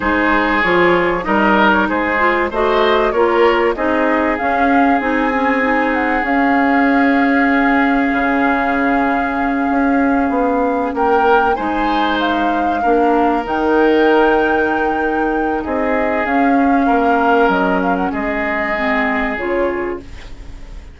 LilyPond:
<<
  \new Staff \with { instrumentName = "flute" } { \time 4/4 \tempo 4 = 96 c''4 cis''4 dis''8. cis''16 c''4 | dis''4 cis''4 dis''4 f''4 | gis''4. fis''8 f''2~ | f''1~ |
f''4. g''4 gis''4 f''8~ | f''4. g''2~ g''8~ | g''4 dis''4 f''2 | dis''8 f''16 fis''16 dis''2 cis''4 | }
  \new Staff \with { instrumentName = "oboe" } { \time 4/4 gis'2 ais'4 gis'4 | c''4 ais'4 gis'2~ | gis'1~ | gis'1~ |
gis'4. ais'4 c''4.~ | c''8 ais'2.~ ais'8~ | ais'4 gis'2 ais'4~ | ais'4 gis'2. | }
  \new Staff \with { instrumentName = "clarinet" } { \time 4/4 dis'4 f'4 dis'4. f'8 | fis'4 f'4 dis'4 cis'4 | dis'8 cis'8 dis'4 cis'2~ | cis'1~ |
cis'2~ cis'8 dis'4.~ | dis'8 d'4 dis'2~ dis'8~ | dis'2 cis'2~ | cis'2 c'4 f'4 | }
  \new Staff \with { instrumentName = "bassoon" } { \time 4/4 gis4 f4 g4 gis4 | a4 ais4 c'4 cis'4 | c'2 cis'2~ | cis'4 cis2~ cis8 cis'8~ |
cis'8 b4 ais4 gis4.~ | gis8 ais4 dis2~ dis8~ | dis4 c'4 cis'4 ais4 | fis4 gis2 cis4 | }
>>